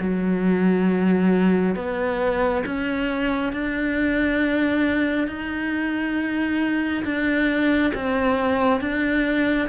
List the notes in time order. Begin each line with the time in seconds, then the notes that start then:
0.00 F#3
1.75 B3
2.65 C#4
3.53 D4
5.27 D#4
7.04 D4
7.94 C4
8.80 D4